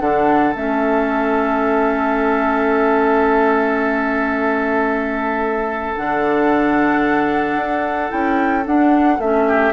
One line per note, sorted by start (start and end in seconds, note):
0.00 0.55 D3
0.00 0.54 D4
0.00 9.47 A4
0.00 0.55 F#5
0.54 5.96 A3
0.54 5.94 C#4
0.54 5.96 E5
5.96 7.56 D3
5.96 8.09 D4
5.96 8.11 F#5
7.56 8.10 D4
8.09 8.67 C#4
8.09 8.63 E4
8.09 8.65 G5
8.66 9.20 D4
8.66 9.18 D4
8.66 9.20 F#5
9.18 9.72 A3
9.18 9.73 C#4
9.18 9.73 E5
9.48 9.73 G4